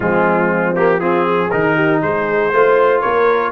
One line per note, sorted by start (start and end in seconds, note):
0.00 1.50 F3
0.00 0.76 G#3
0.00 1.00 C4
0.00 0.75 F4
0.75 0.99 A#3
0.75 1.00 G4
0.99 1.50 C4
0.99 1.25 F4
0.99 1.50 G#4
1.25 1.75 G#4
1.50 2.02 D#3
1.50 2.53 D#4
1.50 2.00 A#4
1.75 2.01 G4
2.02 2.52 G#3
2.02 2.53 G#4
2.02 3.00 C5
2.52 3.03 A3
2.52 3.51 F4
2.52 3.01 C5
3.00 3.51 A#3
3.00 3.51 A#4
3.00 3.51 C#5